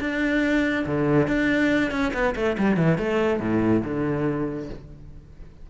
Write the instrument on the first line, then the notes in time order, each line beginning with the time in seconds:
cello
0.00 D4
0.86 D3
1.27 D4
1.91 C#4
2.14 B3
2.36 A3
2.58 G3
2.77 E3
2.98 A3
3.40 A2
3.84 D3